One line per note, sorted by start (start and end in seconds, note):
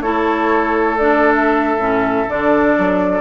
0.00 1.77 A3
0.00 0.98 E4
0.00 3.20 A4
0.00 0.96 C#5
0.97 1.79 D4
0.97 1.33 D5
1.34 2.30 E5
1.77 2.25 A2
1.77 2.26 C#4
2.27 2.75 D3
2.27 3.20 D4
2.27 3.20 D5
2.78 3.20 F#3